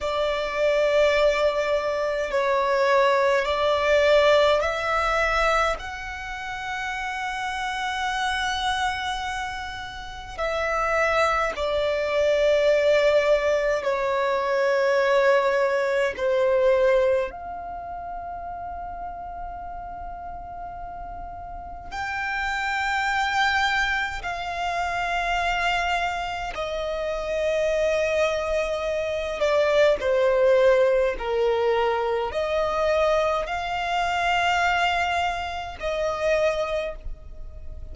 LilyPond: \new Staff \with { instrumentName = "violin" } { \time 4/4 \tempo 4 = 52 d''2 cis''4 d''4 | e''4 fis''2.~ | fis''4 e''4 d''2 | cis''2 c''4 f''4~ |
f''2. g''4~ | g''4 f''2 dis''4~ | dis''4. d''8 c''4 ais'4 | dis''4 f''2 dis''4 | }